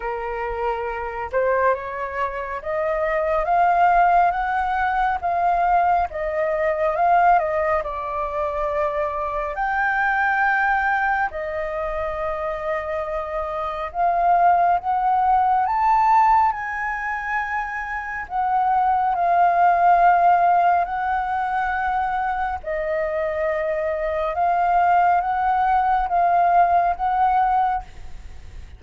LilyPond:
\new Staff \with { instrumentName = "flute" } { \time 4/4 \tempo 4 = 69 ais'4. c''8 cis''4 dis''4 | f''4 fis''4 f''4 dis''4 | f''8 dis''8 d''2 g''4~ | g''4 dis''2. |
f''4 fis''4 a''4 gis''4~ | gis''4 fis''4 f''2 | fis''2 dis''2 | f''4 fis''4 f''4 fis''4 | }